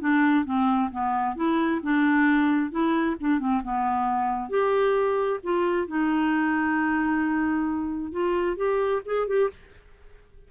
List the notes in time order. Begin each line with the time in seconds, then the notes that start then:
0.00 D4
0.45 C4
0.91 B3
1.36 E4
1.83 D4
2.71 E4
3.20 D4
3.39 C4
3.63 B3
4.49 G4
5.43 F4
5.87 D#4
8.12 F4
8.56 G4
9.05 G#4
9.27 G4